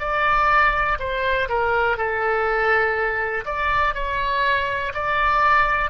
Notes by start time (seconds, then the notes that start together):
0.00 D5
0.99 C5
1.49 A#4
1.98 A4
3.46 D5
3.95 C#5
4.94 D5